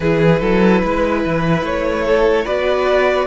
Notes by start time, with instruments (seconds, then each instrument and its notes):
0.00 cello E3, viola E4, violin G#4 B4
0.40 cello F#3, violin A4
0.82 cello G#3, violin B4
1.25 cello E3
1.62 cello A3, violin C#5
2.04 violin A4
2.44 cello B3, viola F#4, violin B4 D5